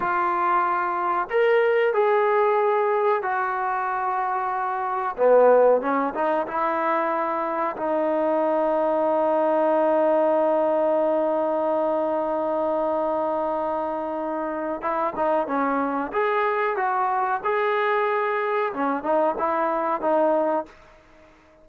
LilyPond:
\new Staff \with { instrumentName = "trombone" } { \time 4/4 \tempo 4 = 93 f'2 ais'4 gis'4~ | gis'4 fis'2. | b4 cis'8 dis'8 e'2 | dis'1~ |
dis'1~ | dis'2. e'8 dis'8 | cis'4 gis'4 fis'4 gis'4~ | gis'4 cis'8 dis'8 e'4 dis'4 | }